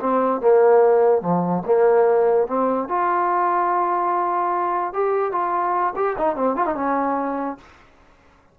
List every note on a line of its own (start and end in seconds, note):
0.00 0.41 C4
0.41 1.22 A#3
1.22 1.63 F3
1.66 2.48 A#3
2.48 2.88 C4
2.88 4.93 F4
4.93 5.32 G4
5.32 5.94 F4
5.96 6.17 G4
6.18 6.36 D#4
6.36 6.56 C4
6.56 6.66 F4
6.66 6.75 D#4
6.75 7.58 C#4